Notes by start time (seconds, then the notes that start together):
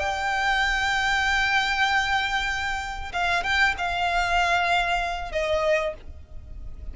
0.00 G5
3.13 F5
3.44 G5
3.78 F5
5.32 D#5